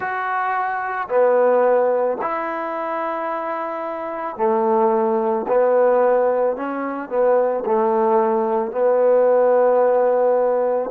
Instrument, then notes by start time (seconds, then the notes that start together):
trombone
0.00 F#4
1.08 B3
2.21 E4
4.36 A3
5.48 B3
6.56 C#4
7.09 B3
7.65 A3
8.71 B3